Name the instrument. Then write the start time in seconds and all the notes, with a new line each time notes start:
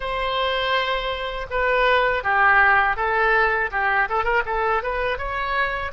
oboe
0.00 C5
1.50 B4
2.23 G4
2.96 A4
3.71 G4
4.09 A4
4.24 A#4
4.45 A4
4.82 B4
5.18 C#5